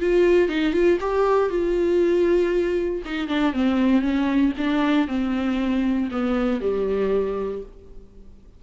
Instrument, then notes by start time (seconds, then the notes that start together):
viola
0.00 F4
0.49 D#4
0.73 F4
1.01 G4
1.50 F4
3.05 D#4
3.28 D4
3.53 C4
4.02 C#4
4.58 D4
5.08 C4
6.11 B3
6.61 G3